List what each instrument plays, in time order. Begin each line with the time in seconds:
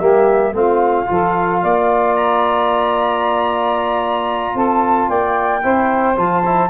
0.00 tuba G3, trombone A#3, saxophone G4, flute E5
0.53 tuba A3, trombone C4, saxophone F4, flute F5
1.07 tuba F3, trombone F4, saxophone A4
1.62 tuba A#3, saxophone D5
2.16 flute A#5
4.55 tuba C4, saxophone A4, flute A5
5.09 tuba A#3, saxophone D5, flute G5
5.63 tuba C4, trombone E4, saxophone C5
6.17 tuba F3, trombone F4, flute A5
6.46 trombone E4